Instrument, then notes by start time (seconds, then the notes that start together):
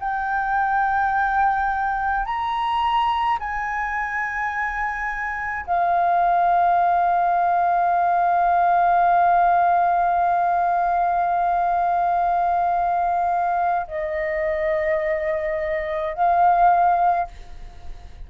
flute
0.00 G5
2.26 A#5
3.40 G#5
5.67 F5
13.88 D#5
16.14 F5